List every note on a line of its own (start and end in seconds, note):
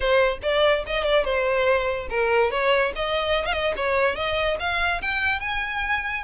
0.00 0.38 C5
0.42 0.84 D5
0.86 1.03 D#5
1.03 1.24 D5
1.24 2.07 C5
2.09 2.51 A#4
2.51 2.92 C#5
2.95 3.45 D#5
3.45 3.52 F5
3.52 3.73 D#5
3.76 4.15 C#5
4.15 4.57 D#5
4.59 5.01 F5
5.01 5.40 G5
5.40 6.23 G#5